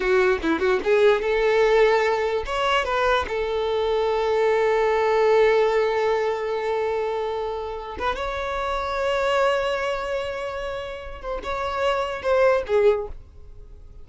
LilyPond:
\new Staff \with { instrumentName = "violin" } { \time 4/4 \tempo 4 = 147 fis'4 e'8 fis'8 gis'4 a'4~ | a'2 cis''4 b'4 | a'1~ | a'1~ |
a'2.~ a'8 b'8 | cis''1~ | cis''2.~ cis''8 c''8 | cis''2 c''4 gis'4 | }